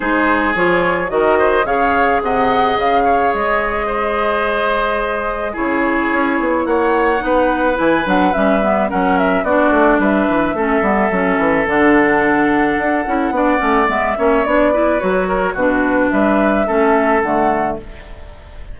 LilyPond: <<
  \new Staff \with { instrumentName = "flute" } { \time 4/4 \tempo 4 = 108 c''4 cis''4 dis''4 f''4 | fis''4 f''4 dis''2~ | dis''2 cis''2 | fis''2 gis''8 fis''8 e''4 |
fis''8 e''8 d''4 e''2~ | e''4 fis''2.~ | fis''4 e''4 d''4 cis''4 | b'4 e''2 fis''4 | }
  \new Staff \with { instrumentName = "oboe" } { \time 4/4 gis'2 ais'8 c''8 cis''4 | dis''4. cis''4. c''4~ | c''2 gis'2 | cis''4 b'2. |
ais'4 fis'4 b'4 a'4~ | a'1 | d''4. cis''4 b'4 ais'8 | fis'4 b'4 a'2 | }
  \new Staff \with { instrumentName = "clarinet" } { \time 4/4 dis'4 f'4 fis'4 gis'4~ | gis'1~ | gis'2 e'2~ | e'4 dis'4 e'8 d'8 cis'8 b8 |
cis'4 d'2 cis'8 b8 | cis'4 d'2~ d'8 e'8 | d'8 cis'8 b8 cis'8 d'8 e'8 fis'4 | d'2 cis'4 a4 | }
  \new Staff \with { instrumentName = "bassoon" } { \time 4/4 gis4 f4 dis4 cis4 | c4 cis4 gis2~ | gis2 cis4 cis'8 b8 | ais4 b4 e8 fis8 g4 |
fis4 b8 a8 g8 e8 a8 g8 | fis8 e8 d2 d'8 cis'8 | b8 a8 gis8 ais8 b4 fis4 | b,4 g4 a4 d4 | }
>>